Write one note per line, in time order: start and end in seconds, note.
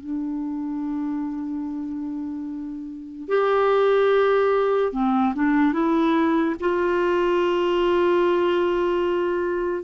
0.00 3.28 D4
3.28 4.92 G4
4.92 5.33 C4
5.35 5.73 D4
5.73 6.55 E4
6.60 9.84 F4